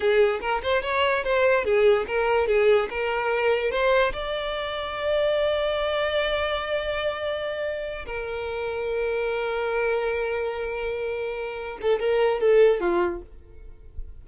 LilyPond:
\new Staff \with { instrumentName = "violin" } { \time 4/4 \tempo 4 = 145 gis'4 ais'8 c''8 cis''4 c''4 | gis'4 ais'4 gis'4 ais'4~ | ais'4 c''4 d''2~ | d''1~ |
d''2.~ d''8 ais'8~ | ais'1~ | ais'1~ | ais'8 a'8 ais'4 a'4 f'4 | }